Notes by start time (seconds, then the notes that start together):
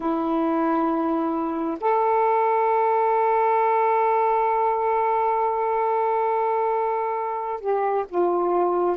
0.00 E4
1.80 A4
7.60 G4
8.08 F4